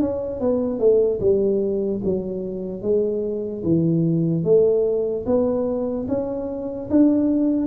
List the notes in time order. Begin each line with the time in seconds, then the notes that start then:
0.00 C#4
0.40 B3
0.79 A3
1.20 G3
2.05 F#3
2.82 G#3
3.63 E3
4.44 A3
5.26 B3
6.08 C#4
6.90 D4